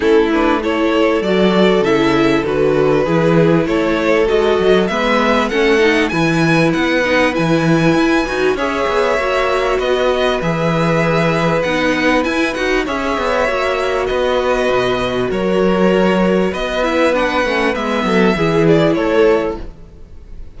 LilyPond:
<<
  \new Staff \with { instrumentName = "violin" } { \time 4/4 \tempo 4 = 98 a'8 b'8 cis''4 d''4 e''4 | b'2 cis''4 dis''4 | e''4 fis''4 gis''4 fis''4 | gis''2 e''2 |
dis''4 e''2 fis''4 | gis''8 fis''8 e''2 dis''4~ | dis''4 cis''2 dis''8 e''8 | fis''4 e''4. d''8 cis''4 | }
  \new Staff \with { instrumentName = "violin" } { \time 4/4 e'4 a'2.~ | a'4 gis'4 a'2 | b'4 a'4 b'2~ | b'2 cis''2 |
b'1~ | b'4 cis''2 b'4~ | b'4 ais'2 b'4~ | b'4. a'8 gis'4 a'4 | }
  \new Staff \with { instrumentName = "viola" } { \time 4/4 cis'8 d'8 e'4 fis'4 e'4 | fis'4 e'2 fis'4 | b4 cis'8 dis'8 e'4. dis'8 | e'4. fis'8 gis'4 fis'4~ |
fis'4 gis'2 dis'4 | e'8 fis'8 gis'4 fis'2~ | fis'2.~ fis'8 e'8 | d'8 cis'8 b4 e'2 | }
  \new Staff \with { instrumentName = "cello" } { \time 4/4 a2 fis4 cis4 | d4 e4 a4 gis8 fis8 | gis4 a4 e4 b4 | e4 e'8 dis'8 cis'8 b8 ais4 |
b4 e2 b4 | e'8 dis'8 cis'8 b8 ais4 b4 | b,4 fis2 b4~ | b8 a8 gis8 fis8 e4 a4 | }
>>